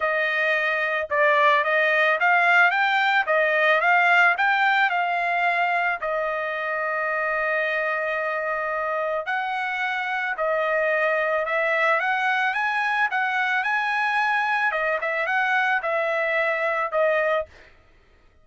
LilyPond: \new Staff \with { instrumentName = "trumpet" } { \time 4/4 \tempo 4 = 110 dis''2 d''4 dis''4 | f''4 g''4 dis''4 f''4 | g''4 f''2 dis''4~ | dis''1~ |
dis''4 fis''2 dis''4~ | dis''4 e''4 fis''4 gis''4 | fis''4 gis''2 dis''8 e''8 | fis''4 e''2 dis''4 | }